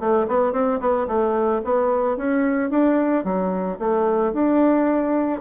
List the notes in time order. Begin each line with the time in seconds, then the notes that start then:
0.00 A3
0.28 B3
0.53 C4
0.80 B3
1.08 A3
1.64 B3
2.17 C#4
2.71 D4
3.24 F#3
3.79 A3
4.33 D4